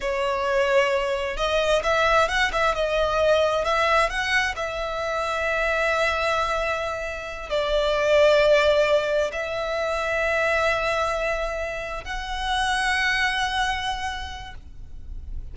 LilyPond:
\new Staff \with { instrumentName = "violin" } { \time 4/4 \tempo 4 = 132 cis''2. dis''4 | e''4 fis''8 e''8 dis''2 | e''4 fis''4 e''2~ | e''1~ |
e''8 d''2.~ d''8~ | d''8 e''2.~ e''8~ | e''2~ e''8 fis''4.~ | fis''1 | }